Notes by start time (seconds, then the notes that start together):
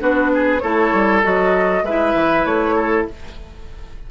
0.00 B3 D4 F#4 B4
0.34 G#4
0.60 A3 E4 A4 C#5
0.93 G3
1.24 F#3 F#4 D#5
1.83 G#3 E4 B4 E5
2.15 E3
2.45 A3 C#5
2.76 A4